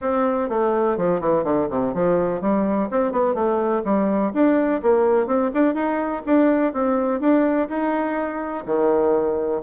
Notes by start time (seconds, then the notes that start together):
0.01 C4
0.49 A3
0.97 F3
1.20 E3
1.44 D3
1.70 C3
1.94 F3
2.41 G3
2.90 C4
3.12 B3
3.34 A3
3.84 G3
4.33 D4
4.82 A#3
5.26 C4
5.54 D4
5.74 D#4
6.26 D4
6.73 C4
7.20 D4
7.68 D#4
8.66 D#3